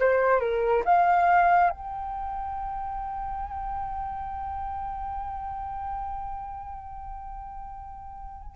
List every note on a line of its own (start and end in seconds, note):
0.00 0.41 C5
0.41 0.83 A#4
0.85 1.70 F5
1.70 8.56 G5